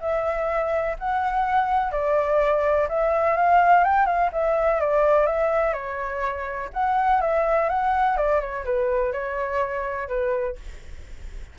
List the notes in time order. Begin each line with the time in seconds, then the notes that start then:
0.00 E5
0.98 F#5
1.91 D5
2.88 E5
3.36 F5
3.84 G5
4.06 F5
4.32 E5
4.80 D5
5.26 E5
5.73 C#5
6.73 F#5
7.21 E5
7.69 F#5
8.16 D5
8.40 C#5
8.64 B4
9.12 C#5
10.08 B4